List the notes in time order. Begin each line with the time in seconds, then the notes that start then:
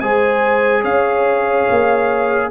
0.00 G#3 G#4 C5 G#5
0.82 C#4 C#5 F5
1.70 A#3